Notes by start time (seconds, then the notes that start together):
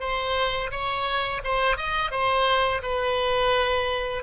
0.00 C5
0.71 C#5
1.44 C5
1.77 D#5
2.11 C5
2.82 B4